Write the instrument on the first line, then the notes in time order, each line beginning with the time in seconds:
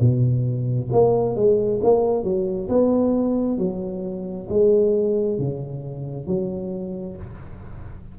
tuba
0.00 B2
0.92 A#3
1.36 G#3
1.83 A#3
2.23 F#3
2.69 B3
3.58 F#3
4.49 G#3
5.39 C#3
6.27 F#3